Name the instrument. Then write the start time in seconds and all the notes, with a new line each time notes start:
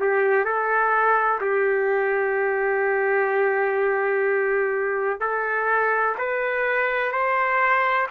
trumpet
0.00 G4
0.45 A4
1.41 G4
5.21 A4
6.18 B4
7.12 C5